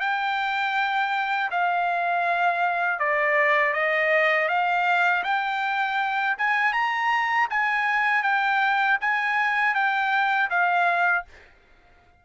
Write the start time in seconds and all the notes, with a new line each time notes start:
0.00 G5
1.51 F5
2.99 D5
3.73 D#5
4.48 F5
5.24 G5
6.38 G#5
6.73 A#5
7.50 G#5
8.23 G5
9.01 G#5
9.74 G5
10.50 F5